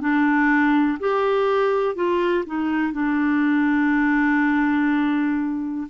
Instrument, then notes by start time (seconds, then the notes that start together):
clarinet
0.00 D4
1.00 G4
1.95 F4
2.46 D#4
2.92 D4